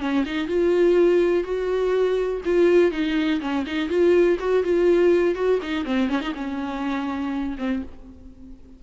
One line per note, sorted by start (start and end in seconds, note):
0.00 0.24 C#4
0.26 0.47 D#4
0.47 1.44 F4
1.44 2.42 F#4
2.45 2.91 F4
2.91 3.40 D#4
3.41 3.65 C#4
3.66 3.89 D#4
3.89 4.38 F4
4.39 4.64 F#4
4.64 5.35 F4
5.35 5.60 F#4
5.62 5.85 D#4
5.85 6.09 C4
6.09 6.21 C#4
6.21 6.33 D#4
6.35 7.57 C#4
7.58 7.82 C4